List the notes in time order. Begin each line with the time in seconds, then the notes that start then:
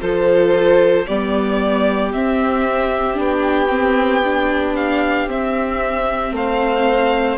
0.00 F3 F4 A4 C5
1.07 G3 B3 G4 D5
2.13 C4 E5
3.14 B3 D4
3.22 G5
3.69 C4
4.24 D4
4.76 F5
5.27 C4 E5
6.32 A3 C5 F5